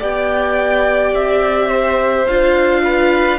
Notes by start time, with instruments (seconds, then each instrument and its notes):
0.00 cello B3, viola G4, violin D5 G5
1.13 cello C4, violin E5
1.69 violin C5
2.27 cello D4, viola F4, violin F5
2.84 violin B4